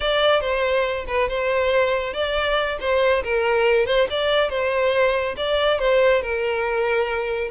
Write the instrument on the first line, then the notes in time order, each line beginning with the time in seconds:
violin
0.00 D5
0.41 C5
1.07 B4
1.28 C5
2.13 D5
2.80 C5
3.23 A#4
3.86 C5
4.09 D5
4.49 C5
5.36 D5
5.79 C5
6.22 A#4